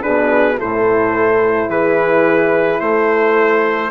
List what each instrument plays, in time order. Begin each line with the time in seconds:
0.00 bassoon B2, horn D4 G#4, trumpet B4
0.59 bassoon A2, horn E4 A4, trumpet C5
1.69 bassoon E3, horn G#4, trumpet B4
2.81 bassoon A3, horn A4, trumpet C5